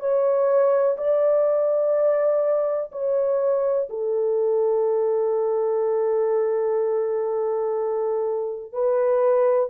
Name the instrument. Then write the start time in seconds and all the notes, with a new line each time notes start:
horn
0.00 C#5
0.98 D5
2.92 C#5
3.89 A4
8.73 B4